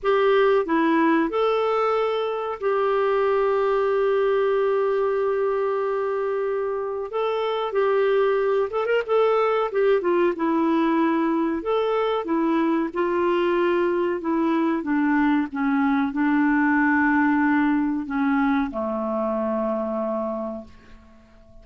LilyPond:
\new Staff \with { instrumentName = "clarinet" } { \time 4/4 \tempo 4 = 93 g'4 e'4 a'2 | g'1~ | g'2. a'4 | g'4. a'16 ais'16 a'4 g'8 f'8 |
e'2 a'4 e'4 | f'2 e'4 d'4 | cis'4 d'2. | cis'4 a2. | }